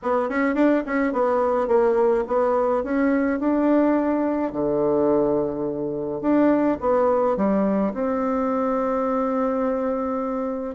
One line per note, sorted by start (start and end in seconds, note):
0.02 0.29 B3
0.29 0.55 C#4
0.55 0.83 D4
0.85 1.12 C#4
1.12 1.67 B3
1.67 2.24 A#3
2.27 2.83 B3
2.83 3.39 C#4
3.39 4.52 D4
4.52 6.21 D3
6.21 6.78 D4
6.80 7.36 B3
7.36 7.93 G3
7.93 10.75 C4